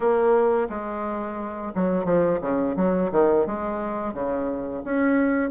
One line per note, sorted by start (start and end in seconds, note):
0.00 0.68 A#3
0.69 1.72 G#3
1.75 2.05 F#3
2.05 2.39 F3
2.41 2.75 C#3
2.76 3.10 F#3
3.11 3.46 D#3
3.46 4.13 G#3
4.13 4.82 C#3
4.84 5.50 C#4